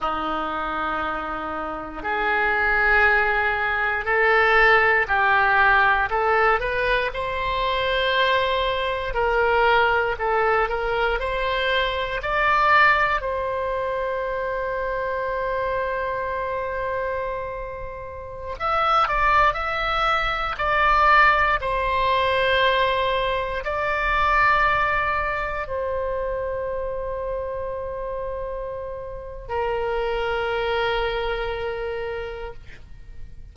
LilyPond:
\new Staff \with { instrumentName = "oboe" } { \time 4/4 \tempo 4 = 59 dis'2 gis'2 | a'4 g'4 a'8 b'8 c''4~ | c''4 ais'4 a'8 ais'8 c''4 | d''4 c''2.~ |
c''2~ c''16 e''8 d''8 e''8.~ | e''16 d''4 c''2 d''8.~ | d''4~ d''16 c''2~ c''8.~ | c''4 ais'2. | }